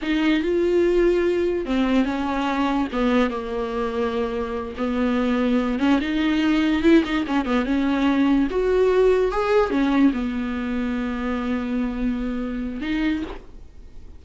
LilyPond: \new Staff \with { instrumentName = "viola" } { \time 4/4 \tempo 4 = 145 dis'4 f'2. | c'4 cis'2 b4 | ais2.~ ais8 b8~ | b2 cis'8 dis'4.~ |
dis'8 e'8 dis'8 cis'8 b8 cis'4.~ | cis'8 fis'2 gis'4 cis'8~ | cis'8 b2.~ b8~ | b2. dis'4 | }